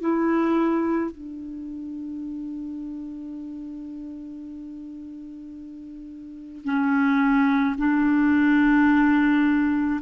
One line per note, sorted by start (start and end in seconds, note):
0.00 1.11 E4
1.11 6.65 D4
6.65 7.76 C#4
7.78 10.00 D4